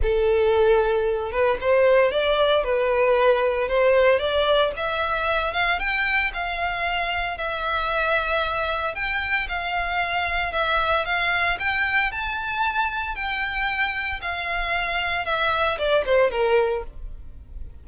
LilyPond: \new Staff \with { instrumentName = "violin" } { \time 4/4 \tempo 4 = 114 a'2~ a'8 b'8 c''4 | d''4 b'2 c''4 | d''4 e''4. f''8 g''4 | f''2 e''2~ |
e''4 g''4 f''2 | e''4 f''4 g''4 a''4~ | a''4 g''2 f''4~ | f''4 e''4 d''8 c''8 ais'4 | }